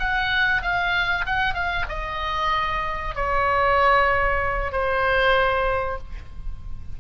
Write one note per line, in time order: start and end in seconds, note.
0.00 0.63 F#5
0.63 1.26 F5
1.27 1.55 F#5
1.55 1.86 F5
1.89 3.16 D#5
3.16 4.72 C#5
4.72 5.99 C5